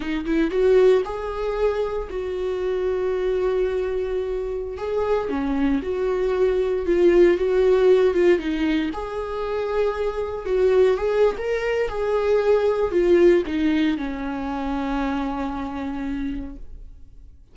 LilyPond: \new Staff \with { instrumentName = "viola" } { \time 4/4 \tempo 4 = 116 dis'8 e'8 fis'4 gis'2 | fis'1~ | fis'4~ fis'16 gis'4 cis'4 fis'8.~ | fis'4~ fis'16 f'4 fis'4. f'16~ |
f'16 dis'4 gis'2~ gis'8.~ | gis'16 fis'4 gis'8. ais'4 gis'4~ | gis'4 f'4 dis'4 cis'4~ | cis'1 | }